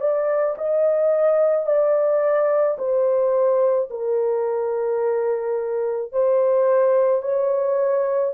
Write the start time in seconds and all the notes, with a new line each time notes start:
0.00 D5
0.58 D#5
1.66 D5
2.78 C5
3.90 A#4
6.13 C5
7.22 C#5